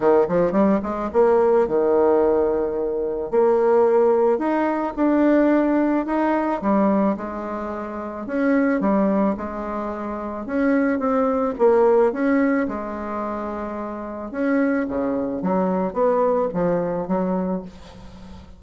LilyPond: \new Staff \with { instrumentName = "bassoon" } { \time 4/4 \tempo 4 = 109 dis8 f8 g8 gis8 ais4 dis4~ | dis2 ais2 | dis'4 d'2 dis'4 | g4 gis2 cis'4 |
g4 gis2 cis'4 | c'4 ais4 cis'4 gis4~ | gis2 cis'4 cis4 | fis4 b4 f4 fis4 | }